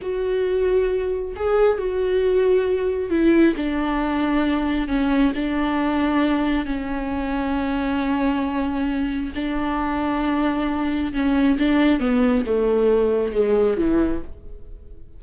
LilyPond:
\new Staff \with { instrumentName = "viola" } { \time 4/4 \tempo 4 = 135 fis'2. gis'4 | fis'2. e'4 | d'2. cis'4 | d'2. cis'4~ |
cis'1~ | cis'4 d'2.~ | d'4 cis'4 d'4 b4 | a2 gis4 e4 | }